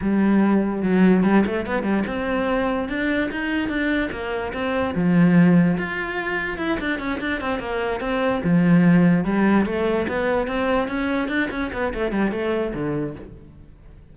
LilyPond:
\new Staff \with { instrumentName = "cello" } { \time 4/4 \tempo 4 = 146 g2 fis4 g8 a8 | b8 g8 c'2 d'4 | dis'4 d'4 ais4 c'4 | f2 f'2 |
e'8 d'8 cis'8 d'8 c'8 ais4 c'8~ | c'8 f2 g4 a8~ | a8 b4 c'4 cis'4 d'8 | cis'8 b8 a8 g8 a4 d4 | }